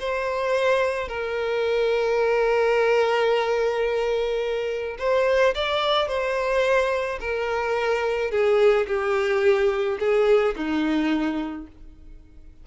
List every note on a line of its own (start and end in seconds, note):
0.00 1.08 C5
1.08 4.97 A#4
4.99 5.54 C5
5.55 6.08 D5
6.08 7.19 C5
7.20 8.31 A#4
8.31 8.87 G#4
8.88 9.99 G4
10.00 10.55 G#4
10.56 11.67 D#4